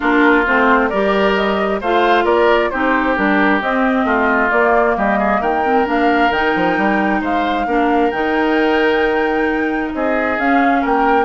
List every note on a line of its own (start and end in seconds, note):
0.00 0.47 A#3
0.00 0.44 D4
0.00 0.89 F4
0.00 0.46 A#4
0.46 0.92 A3
0.46 0.91 C4
0.46 0.89 C5
0.89 1.81 G3
0.89 1.82 G4
0.89 1.80 A#4
0.89 1.34 D5
1.35 1.80 D#5
1.80 2.24 A3
1.80 2.72 F4
1.80 2.24 C5
1.80 2.25 F5
2.24 2.69 A#3
2.24 2.69 A#4
2.24 2.70 D5
2.70 3.18 C4
2.70 3.15 D#4
2.70 4.05 G4
2.70 3.15 C5
3.15 3.61 G3
3.15 3.60 D4
3.15 3.61 A#4
3.60 4.51 C4
3.60 4.04 C4
3.60 4.50 D#5
4.04 4.49 A3
4.04 4.95 F4
4.50 4.96 A#3
4.50 5.64 A#3
4.50 4.95 D5
4.96 5.41 G3
4.96 5.18 G4
4.96 5.41 D#5
5.18 5.41 G#4
5.41 5.86 D#3
5.41 7.20 A#4
5.41 5.87 G5
5.64 5.85 C4
5.85 6.30 A#3
5.85 6.30 D4
5.85 6.32 F5
6.30 6.52 D#3
6.30 7.67 D#4
6.30 7.22 G5
6.56 6.77 F3
6.77 7.21 G3
7.20 7.66 G#3
7.20 7.66 C5
7.20 8.11 F5
7.66 8.11 A#3
7.66 8.12 D4
7.66 9.93 A#4
8.11 9.93 D#3
8.11 10.38 D#4
8.11 9.91 G5
9.94 10.37 C4
9.94 10.81 G#4
9.94 10.39 D#5
10.37 10.83 C#4
10.37 11.24 C#4
10.37 10.84 F5
10.81 11.24 A#3
10.81 11.24 A#4
10.81 11.24 G5